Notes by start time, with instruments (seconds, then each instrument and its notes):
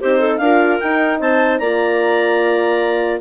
0.00 bassoon C4, horn D#4, clarinet G4 C5
0.19 clarinet A4
0.37 bassoon D4, horn F4, clarinet A#4 F5
0.79 horn D#4, bassoon D#4, clarinet G5
1.20 bassoon C4, clarinet C5 A5
1.58 bassoon A#3, horn F4, clarinet D5 A#5